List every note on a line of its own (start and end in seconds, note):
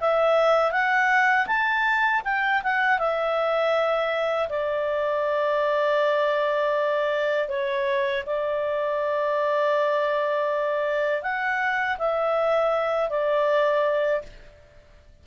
0.00 0.71 E5
0.71 1.46 F#5
1.46 2.21 A5
2.24 2.61 G5
2.63 2.98 F#5
2.98 4.48 E5
4.49 7.48 D5
7.48 8.23 C#5
8.26 11.22 D5
11.22 11.97 F#5
11.97 13.09 E5
13.09 14.22 D5